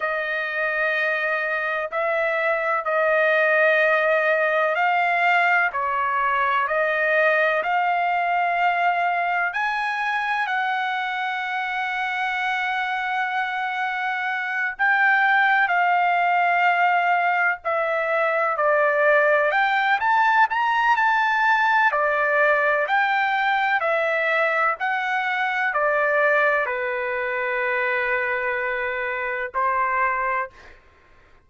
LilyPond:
\new Staff \with { instrumentName = "trumpet" } { \time 4/4 \tempo 4 = 63 dis''2 e''4 dis''4~ | dis''4 f''4 cis''4 dis''4 | f''2 gis''4 fis''4~ | fis''2.~ fis''8 g''8~ |
g''8 f''2 e''4 d''8~ | d''8 g''8 a''8 ais''8 a''4 d''4 | g''4 e''4 fis''4 d''4 | b'2. c''4 | }